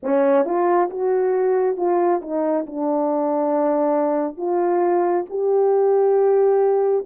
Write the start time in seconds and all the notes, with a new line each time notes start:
0.02 C#4
0.45 F4
0.90 F#4
1.76 F4
2.21 D#4
2.66 D4
4.37 F4
5.29 G4